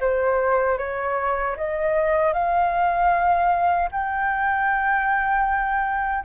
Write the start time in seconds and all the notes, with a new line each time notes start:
0.00 C5
0.78 C#5
1.57 D#5
2.33 F5
3.91 G5